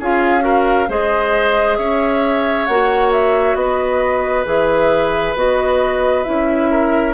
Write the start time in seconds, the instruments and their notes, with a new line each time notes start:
0.00 bassoon C#4, clarinet F4, oboe G#4, flute F5
0.40 clarinet F#4, oboe A#4
0.88 bassoon G#3, clarinet G#4, oboe C5, flute D#5
1.76 bassoon C#4, oboe C#5, flute E5
2.66 bassoon A#3, clarinet F#4, flute F#5
3.12 flute E5
3.55 bassoon B3, oboe B4, flute D#5
4.45 bassoon E3, clarinet G#4, flute E5
5.35 bassoon B3, clarinet F#4, flute D#5
6.23 bassoon C#4, clarinet E4, flute E5
6.70 oboe A#4